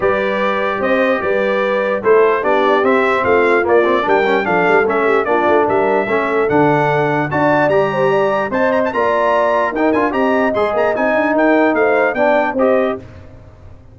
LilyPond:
<<
  \new Staff \with { instrumentName = "trumpet" } { \time 4/4 \tempo 4 = 148 d''2 dis''4 d''4~ | d''4 c''4 d''4 e''4 | f''4 d''4 g''4 f''4 | e''4 d''4 e''2 |
fis''2 a''4 ais''4~ | ais''4 a''8 ais''16 a''16 ais''2 | g''8 gis''8 ais''4 c'''8 ais''8 gis''4 | g''4 f''4 g''4 dis''4 | }
  \new Staff \with { instrumentName = "horn" } { \time 4/4 b'2 c''4 b'4~ | b'4 a'4 g'2 | f'2 ais'4 a'4~ | a'8 g'8 f'4 ais'4 a'4~ |
a'2 d''4. c''8 | d''4 dis''4 d''2 | ais'4 dis''2. | ais'4 c''4 d''4 c''4 | }
  \new Staff \with { instrumentName = "trombone" } { \time 4/4 g'1~ | g'4 e'4 d'4 c'4~ | c'4 ais8 c'8 d'8 cis'8 d'4 | cis'4 d'2 cis'4 |
d'2 fis'4 g'4~ | g'4 c''4 f'2 | dis'8 f'8 g'4 gis'4 dis'4~ | dis'2 d'4 g'4 | }
  \new Staff \with { instrumentName = "tuba" } { \time 4/4 g2 c'4 g4~ | g4 a4 b4 c'4 | a4 ais4 g4 f8 g8 | a4 ais8 a8 g4 a4 |
d2 d'4 g4~ | g4 c'4 ais2 | dis'8 d'8 c'4 gis8 ais8 c'8 d'8 | dis'4 a4 b4 c'4 | }
>>